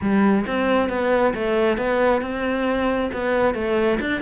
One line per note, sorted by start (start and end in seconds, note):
0.01 0.45 G3
0.46 0.89 C4
0.89 1.33 B3
1.34 1.77 A3
1.77 2.21 B3
2.21 3.10 C4
3.12 3.54 B3
3.54 3.99 A3
4.00 4.21 D4